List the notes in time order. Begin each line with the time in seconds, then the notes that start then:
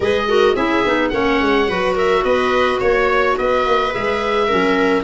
0.00 G#3 G#4 B4 D#5
0.28 F#4 A#4
0.55 C#4 E4 G#4 E5
0.84 B3 D#4
1.09 A#3 C#4 C#5 F#5
1.41 G#3
1.67 F#3 F#4 B4
1.95 A#4 E5
2.24 B3 B4 D#5
2.79 A#3 C#5
3.37 B3 B4 D#5
3.65 A#3
3.91 G#3 G#4 E5
4.47 F#3 C#4 A#4